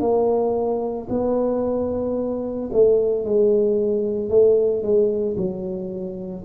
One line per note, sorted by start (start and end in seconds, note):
0.00 1.07 A#3
1.09 2.70 B3
2.72 3.24 A3
3.24 4.29 G#3
4.29 4.82 A3
4.82 5.36 G#3
5.37 6.44 F#3